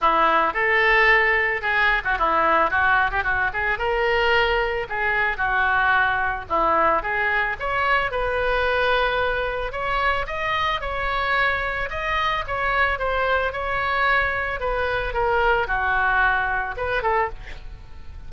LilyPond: \new Staff \with { instrumentName = "oboe" } { \time 4/4 \tempo 4 = 111 e'4 a'2 gis'8. fis'16 | e'4 fis'8. g'16 fis'8 gis'8 ais'4~ | ais'4 gis'4 fis'2 | e'4 gis'4 cis''4 b'4~ |
b'2 cis''4 dis''4 | cis''2 dis''4 cis''4 | c''4 cis''2 b'4 | ais'4 fis'2 b'8 a'8 | }